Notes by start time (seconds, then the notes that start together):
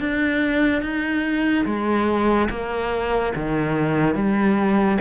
0.00 D4
0.82 D#4
1.66 G#3
2.50 A#3
3.36 D#3
4.15 G3